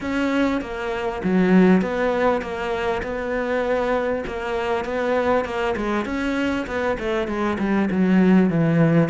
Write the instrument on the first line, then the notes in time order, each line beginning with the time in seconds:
cello
0.00 C#4
0.61 A#3
1.23 F#3
1.81 B3
2.41 A#3
3.02 B3
4.26 A#3
4.85 B3
5.44 A#3
5.76 G#3
6.05 C#4
6.67 B3
6.99 A3
7.27 G#3
7.58 G3
7.90 F#3
8.50 E3